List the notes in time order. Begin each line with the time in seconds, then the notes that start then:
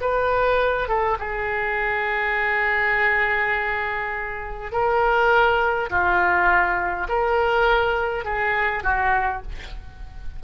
0.00 B4
0.88 A4
1.18 G#4
4.71 A#4
5.89 F4
7.09 A#4
8.24 G#4
8.83 F#4